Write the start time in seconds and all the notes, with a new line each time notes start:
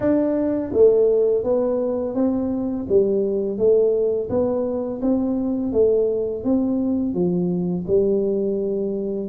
0.00 D4
0.73 A3
1.43 B3
2.15 C4
2.88 G3
3.57 A3
4.29 B3
5.01 C4
5.72 A3
6.44 C4
7.14 F3
7.87 G3